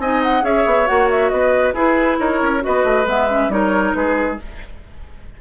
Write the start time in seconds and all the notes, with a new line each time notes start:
0.00 C4 D#4 D#5 G#5
0.23 F#5
0.43 C#4 G#4 C#5 E5
0.66 B3
0.86 A#3 F#4 F#5
1.11 E5
1.29 B3 B4 D#5
1.74 E4 G#4 B4
2.19 D#4 A#4 C#5
2.42 C#4
2.61 F#4 B4 D#5
2.67 B3
2.84 A3
3.06 G#3 B3 E5
3.30 C#4
3.49 G3 D#4 A#4 C#5
3.94 G#3 G#4 B4